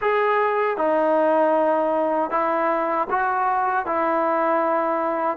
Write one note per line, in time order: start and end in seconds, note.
0.01 0.77 G#4
0.77 2.30 D#4
2.30 3.07 E4
3.09 3.85 F#4
3.85 5.37 E4